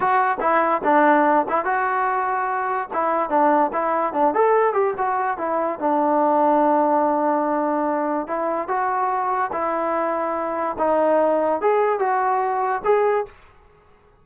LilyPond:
\new Staff \with { instrumentName = "trombone" } { \time 4/4 \tempo 4 = 145 fis'4 e'4 d'4. e'8 | fis'2. e'4 | d'4 e'4 d'8 a'4 g'8 | fis'4 e'4 d'2~ |
d'1 | e'4 fis'2 e'4~ | e'2 dis'2 | gis'4 fis'2 gis'4 | }